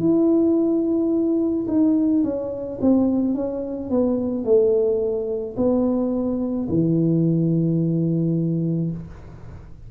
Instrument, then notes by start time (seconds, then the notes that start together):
tuba
0.00 E4
1.68 D#4
2.24 C#4
2.82 C4
3.35 C#4
3.90 B3
4.45 A3
5.57 B3
6.69 E3